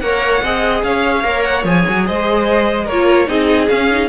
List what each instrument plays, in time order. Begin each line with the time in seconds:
0.00 cello A#3, viola A#4, violin C#5 F#5
0.42 cello C4, viola G#4, violin D#5
0.83 cello C#4, violin C#5 F5
1.23 cello A#3, viola A#4
1.43 violin F#5
1.64 cello F3, viola G#4, violin G#5
1.89 cello F#3
2.06 cello G#3, violin C5 D#5
2.85 cello A#3, violin A#4 C#5
2.92 viola F4
3.27 cello C4, viola D#4, violin G#4 D#5
3.69 viola C#4, cello C#4, violin F5
3.91 viola D#4